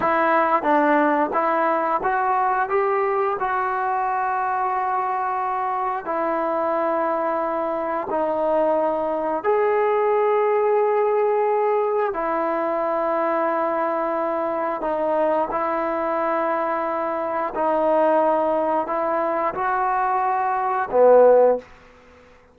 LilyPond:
\new Staff \with { instrumentName = "trombone" } { \time 4/4 \tempo 4 = 89 e'4 d'4 e'4 fis'4 | g'4 fis'2.~ | fis'4 e'2. | dis'2 gis'2~ |
gis'2 e'2~ | e'2 dis'4 e'4~ | e'2 dis'2 | e'4 fis'2 b4 | }